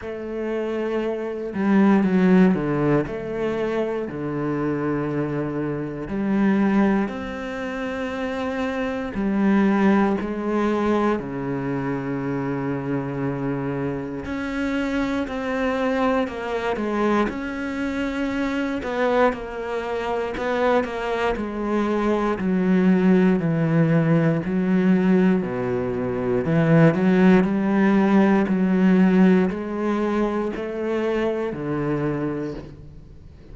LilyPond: \new Staff \with { instrumentName = "cello" } { \time 4/4 \tempo 4 = 59 a4. g8 fis8 d8 a4 | d2 g4 c'4~ | c'4 g4 gis4 cis4~ | cis2 cis'4 c'4 |
ais8 gis8 cis'4. b8 ais4 | b8 ais8 gis4 fis4 e4 | fis4 b,4 e8 fis8 g4 | fis4 gis4 a4 d4 | }